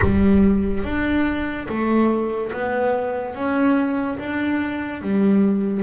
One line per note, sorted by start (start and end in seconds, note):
0.01 0.83 G3
0.83 1.67 D4
1.68 2.52 A3
2.52 3.34 B3
3.34 4.18 C#4
4.18 5.01 D4
5.02 5.83 G3